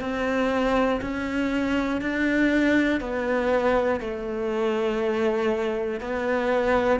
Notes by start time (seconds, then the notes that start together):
0.00 C4
1.01 C#4
2.01 D4
3.00 B3
4.00 A3
6.00 B3